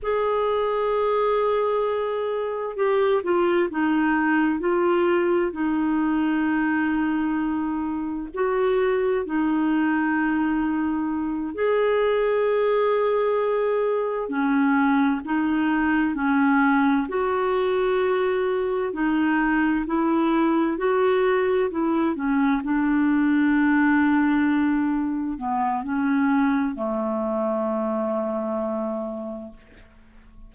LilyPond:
\new Staff \with { instrumentName = "clarinet" } { \time 4/4 \tempo 4 = 65 gis'2. g'8 f'8 | dis'4 f'4 dis'2~ | dis'4 fis'4 dis'2~ | dis'8 gis'2. cis'8~ |
cis'8 dis'4 cis'4 fis'4.~ | fis'8 dis'4 e'4 fis'4 e'8 | cis'8 d'2. b8 | cis'4 a2. | }